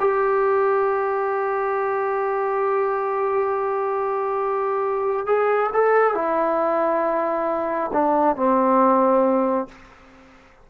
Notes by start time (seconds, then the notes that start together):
0.00 G4
5.27 G#4
5.74 A4
6.15 E4
7.94 D4
8.37 C4